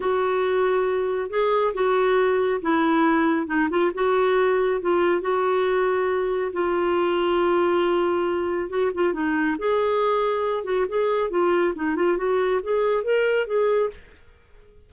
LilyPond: \new Staff \with { instrumentName = "clarinet" } { \time 4/4 \tempo 4 = 138 fis'2. gis'4 | fis'2 e'2 | dis'8 f'8 fis'2 f'4 | fis'2. f'4~ |
f'1 | fis'8 f'8 dis'4 gis'2~ | gis'8 fis'8 gis'4 f'4 dis'8 f'8 | fis'4 gis'4 ais'4 gis'4 | }